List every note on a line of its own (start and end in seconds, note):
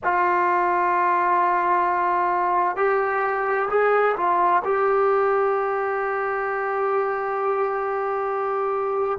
0.03 2.76 F4
2.76 3.68 G4
3.69 4.15 G#4
4.16 4.62 F4
4.64 9.18 G4